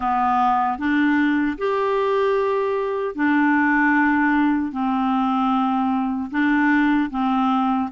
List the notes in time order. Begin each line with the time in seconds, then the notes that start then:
0.00 B3
0.78 D4
1.58 G4
3.15 D4
4.72 C4
6.31 D4
7.10 C4